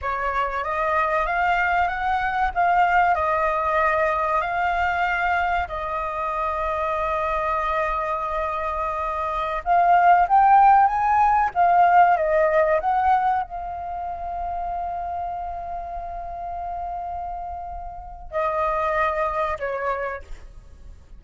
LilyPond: \new Staff \with { instrumentName = "flute" } { \time 4/4 \tempo 4 = 95 cis''4 dis''4 f''4 fis''4 | f''4 dis''2 f''4~ | f''4 dis''2.~ | dis''2.~ dis''16 f''8.~ |
f''16 g''4 gis''4 f''4 dis''8.~ | dis''16 fis''4 f''2~ f''8.~ | f''1~ | f''4 dis''2 cis''4 | }